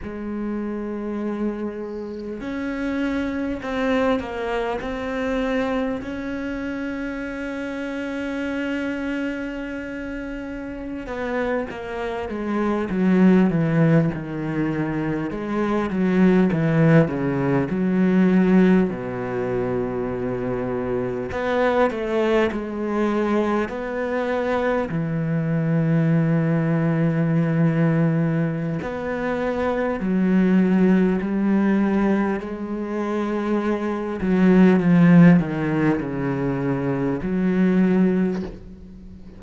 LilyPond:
\new Staff \with { instrumentName = "cello" } { \time 4/4 \tempo 4 = 50 gis2 cis'4 c'8 ais8 | c'4 cis'2.~ | cis'4~ cis'16 b8 ais8 gis8 fis8 e8 dis16~ | dis8. gis8 fis8 e8 cis8 fis4 b,16~ |
b,4.~ b,16 b8 a8 gis4 b16~ | b8. e2.~ e16 | b4 fis4 g4 gis4~ | gis8 fis8 f8 dis8 cis4 fis4 | }